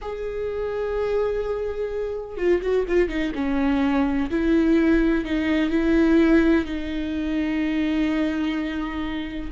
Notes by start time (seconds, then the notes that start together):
0.01 G#4
2.37 F4
2.61 F#4
2.88 F4
3.08 D#4
3.34 C#4
4.30 E4
5.24 D#4
5.69 E4
6.65 D#4